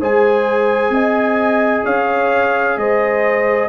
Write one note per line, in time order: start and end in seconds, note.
0.00 0.90 G#3
0.00 3.69 G#4
0.00 0.92 C5
0.00 1.86 G#5
0.90 1.82 C4
0.90 1.85 D#5
1.85 2.77 C#4
1.85 2.77 C#5
1.85 2.78 F5
2.77 3.69 G#3
2.77 3.69 C5
2.77 3.69 D#5